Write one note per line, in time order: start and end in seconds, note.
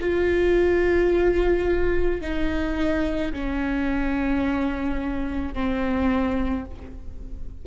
0.00 2.21 F4
2.21 3.32 D#4
3.32 5.54 C#4
5.54 6.65 C4